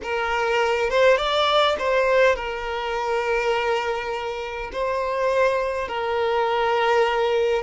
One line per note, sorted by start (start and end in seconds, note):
0.02 0.90 A#4
0.90 1.17 C5
1.17 1.75 D5
1.79 2.35 C5
2.35 4.70 A#4
4.72 5.88 C5
5.88 7.62 A#4